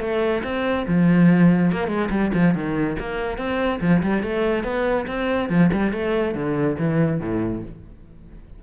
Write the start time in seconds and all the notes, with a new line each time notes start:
0.00 A3
0.43 C4
0.87 F3
1.72 A#3
1.88 G#3
2.10 G3
2.34 F3
2.54 D#3
2.99 A#3
3.38 C4
3.81 F3
4.02 G3
4.23 A3
4.64 B3
5.07 C4
5.49 F3
5.73 G3
5.92 A3
6.35 D3
6.79 E3
7.20 A2